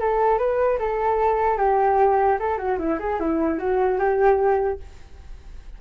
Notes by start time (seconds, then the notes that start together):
0.00 A4
0.38 B4
0.79 A4
1.57 G4
2.39 A4
2.58 F#4
2.79 E4
2.99 G#4
3.20 E4
3.59 F#4
3.99 G4